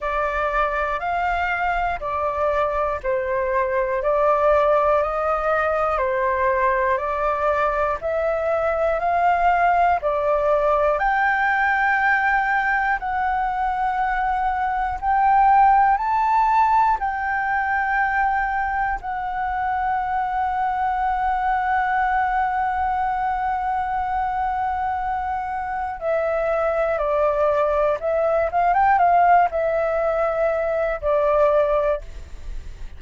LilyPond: \new Staff \with { instrumentName = "flute" } { \time 4/4 \tempo 4 = 60 d''4 f''4 d''4 c''4 | d''4 dis''4 c''4 d''4 | e''4 f''4 d''4 g''4~ | g''4 fis''2 g''4 |
a''4 g''2 fis''4~ | fis''1~ | fis''2 e''4 d''4 | e''8 f''16 g''16 f''8 e''4. d''4 | }